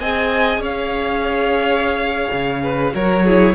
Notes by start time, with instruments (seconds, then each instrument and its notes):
0.00 cello C4, viola G#4, violin D#5 G#5
0.58 cello C#4, violin C#5
0.64 violin F5
2.32 cello C#3
2.63 violin B4
2.91 cello F#3, viola F#4, violin A#4 C#5
3.25 viola E4, violin G#4